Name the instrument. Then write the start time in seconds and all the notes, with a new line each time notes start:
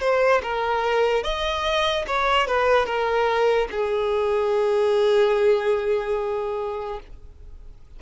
violin
0.00 C5
0.43 A#4
1.23 D#5
2.07 C#5
2.47 B4
2.85 A#4
3.71 G#4